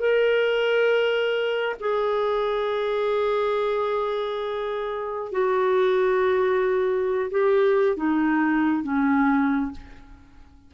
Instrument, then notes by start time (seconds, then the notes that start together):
clarinet
0.00 A#4
1.80 G#4
5.32 F#4
7.31 G4
7.97 D#4
8.84 C#4